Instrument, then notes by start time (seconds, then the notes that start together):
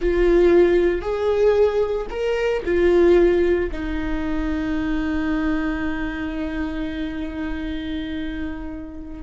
viola
0.01 F4
1.01 G#4
2.10 A#4
2.65 F4
3.71 D#4